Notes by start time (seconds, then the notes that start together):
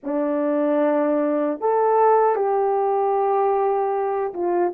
0.03 D4
1.60 A4
2.35 G4
4.33 F4